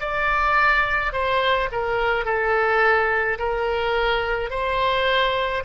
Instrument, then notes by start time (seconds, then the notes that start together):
oboe
0.00 D5
1.12 C5
1.72 A#4
2.25 A4
3.39 A#4
4.50 C5